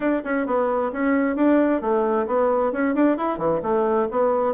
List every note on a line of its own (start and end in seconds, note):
0.00 0.21 D4
0.24 0.46 C#4
0.46 0.91 B3
0.92 1.36 C#4
1.36 1.81 D4
1.81 2.26 A3
2.26 2.72 B3
2.72 2.94 C#4
2.94 3.17 D4
3.17 3.38 E4
3.38 3.61 E3
3.62 4.07 A3
4.10 4.54 B3